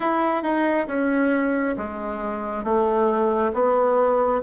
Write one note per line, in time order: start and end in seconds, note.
0.00 0.42 E4
0.42 0.86 D#4
0.87 1.75 C#4
1.77 2.64 G#3
2.64 3.52 A3
3.53 4.41 B3